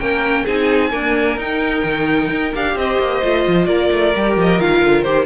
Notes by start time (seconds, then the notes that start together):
0.00 A#3 C#4 A#4 G5
0.44 C4 D#4 G#4 G#5
0.91 A#3 D4 A#4
1.37 D#4 G5
1.84 D#3
2.31 D#4
2.55 D4 G4 F5
2.76 C4 C5 D#5
2.99 A#3
3.24 A3 F4
3.48 F3
3.66 A#3 A#4 D5
3.92 A3
4.16 G3 G4
4.37 F3 D#5
4.60 D#3 F4 F5
4.83 D3
5.03 D#3 G4 C5